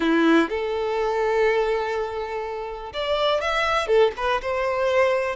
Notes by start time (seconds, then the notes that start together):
0.00 E4
0.49 A4
2.93 D5
3.40 E5
3.87 A4
4.16 B4
4.41 C5